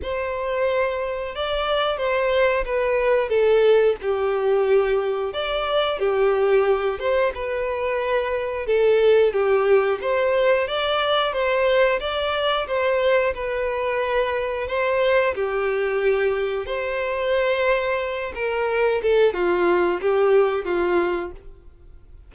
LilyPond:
\new Staff \with { instrumentName = "violin" } { \time 4/4 \tempo 4 = 90 c''2 d''4 c''4 | b'4 a'4 g'2 | d''4 g'4. c''8 b'4~ | b'4 a'4 g'4 c''4 |
d''4 c''4 d''4 c''4 | b'2 c''4 g'4~ | g'4 c''2~ c''8 ais'8~ | ais'8 a'8 f'4 g'4 f'4 | }